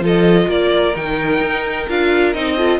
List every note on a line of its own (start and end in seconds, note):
0.00 0.47 F3
0.00 0.94 F4
0.00 0.47 A4
0.06 0.50 D#5
0.47 0.94 A#3
0.47 2.56 A#4
0.47 0.96 D5
0.95 1.41 D#3
0.95 1.88 D#4
0.95 1.89 G5
1.41 1.87 D#4
1.88 2.34 D4
1.88 2.34 F4
1.88 2.33 F5
2.33 2.80 C4
2.33 2.57 D#4
2.33 2.80 D#5
2.56 2.80 F4
2.56 2.79 A4